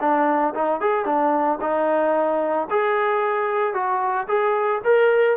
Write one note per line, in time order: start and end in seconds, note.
0.00 0.54 D4
0.54 0.80 D#4
0.80 1.05 G#4
1.05 1.59 D4
1.61 2.68 D#4
2.70 3.73 G#4
3.73 4.27 F#4
4.28 4.81 G#4
4.84 5.36 A#4